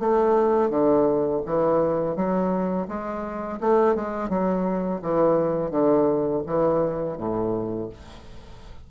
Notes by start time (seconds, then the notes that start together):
0.00 A3
0.70 D3
1.46 E3
2.16 F#3
2.88 G#3
3.61 A3
3.95 G#3
4.30 F#3
5.02 E3
5.71 D3
6.46 E3
7.18 A2